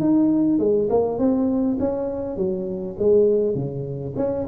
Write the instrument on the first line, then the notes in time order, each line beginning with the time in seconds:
tuba
0.00 D#4
0.59 G#3
0.90 A#3
1.19 C4
1.79 C#4
2.37 F#3
2.99 G#3
3.55 C#3
4.16 C#4